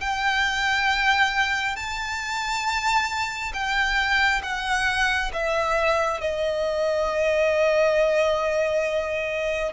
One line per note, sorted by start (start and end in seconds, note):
0.00 1.76 G5
1.76 3.52 A5
3.53 4.41 G5
4.42 5.31 F#5
5.33 6.20 E5
6.20 9.72 D#5